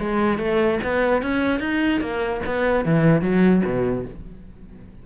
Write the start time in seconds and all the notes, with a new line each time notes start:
0.00 G#3
0.39 A3
0.84 B3
1.23 C#4
1.60 D#4
2.01 A#3
2.46 B3
2.85 E3
3.22 F#3
3.65 B2